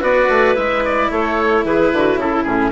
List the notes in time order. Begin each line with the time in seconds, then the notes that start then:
0.00 B3 F#4 B4 D5
0.29 A3
0.55 G#3 E4 E5
0.85 D5
1.11 A3 A4 C#5
1.64 E3 G#4 B4
1.93 D3 F#4
2.17 C#3 E4 A4
2.44 A2 C#4 G#4